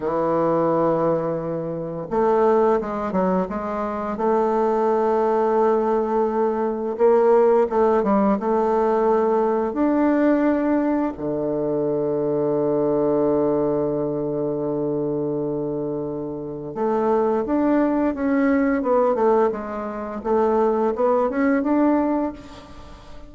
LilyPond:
\new Staff \with { instrumentName = "bassoon" } { \time 4/4 \tempo 4 = 86 e2. a4 | gis8 fis8 gis4 a2~ | a2 ais4 a8 g8 | a2 d'2 |
d1~ | d1 | a4 d'4 cis'4 b8 a8 | gis4 a4 b8 cis'8 d'4 | }